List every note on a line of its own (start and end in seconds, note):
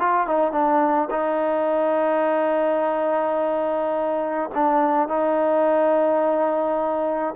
0.00 0.27 F4
0.27 0.52 D#4
0.52 1.09 D4
1.11 4.51 D#4
4.55 5.09 D4
5.09 7.35 D#4